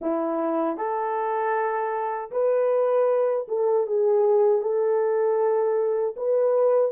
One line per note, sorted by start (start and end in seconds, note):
0.01 0.77 E4
0.77 2.30 A4
2.31 3.46 B4
3.48 3.86 A4
3.86 4.61 G#4
4.61 6.15 A4
6.16 6.91 B4